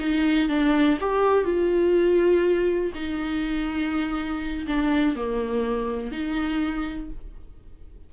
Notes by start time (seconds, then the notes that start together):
0.00 D#4
0.49 D4
1.01 G4
1.45 F4
2.95 D#4
4.68 D4
5.16 A#3
6.12 D#4